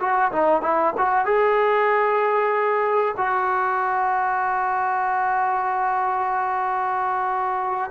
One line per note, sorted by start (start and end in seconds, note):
0.00 0.32 F#4
0.32 0.62 D#4
0.62 0.93 E4
0.97 1.25 F#4
1.25 3.15 G#4
3.17 7.91 F#4